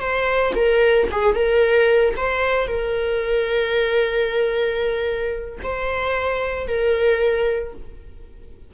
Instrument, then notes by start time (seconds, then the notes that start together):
viola
0.00 C5
0.55 A#4
1.11 G#4
1.35 A#4
2.16 C5
2.67 A#4
5.63 C5
6.67 A#4